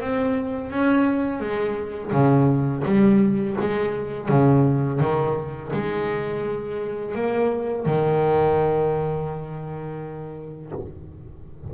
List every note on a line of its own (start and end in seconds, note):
0.00 0.70 C4
0.70 1.40 C#4
1.40 2.11 G#3
2.11 2.83 C#3
2.85 3.56 G3
3.60 4.28 G#3
4.28 5.00 C#3
5.00 5.71 D#3
5.73 7.15 G#3
7.15 7.86 A#3
7.86 10.71 D#3